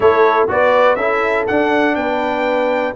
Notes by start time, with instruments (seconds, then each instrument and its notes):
0.00 tuba A3, trombone E4, horn A4, trumpet C#5
0.48 tuba B3, trombone F#4, horn B4, trumpet D5
0.95 tuba C#4, trombone E4, horn A4, trumpet E5
1.47 trombone D4, tuba D4, trumpet F#5
1.95 tuba B3, horn B4, trumpet G5